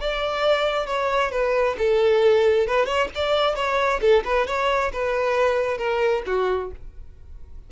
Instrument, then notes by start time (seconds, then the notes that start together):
violin
0.00 D5
0.86 C#5
1.31 B4
1.78 A4
2.67 B4
2.86 C#5
3.15 D5
3.55 C#5
4.01 A4
4.25 B4
4.47 C#5
4.92 B4
5.77 A#4
6.26 F#4